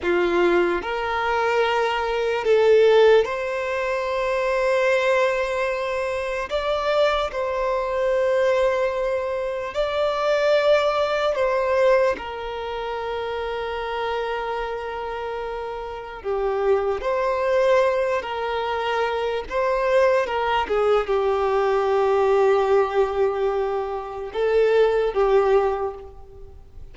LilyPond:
\new Staff \with { instrumentName = "violin" } { \time 4/4 \tempo 4 = 74 f'4 ais'2 a'4 | c''1 | d''4 c''2. | d''2 c''4 ais'4~ |
ais'1 | g'4 c''4. ais'4. | c''4 ais'8 gis'8 g'2~ | g'2 a'4 g'4 | }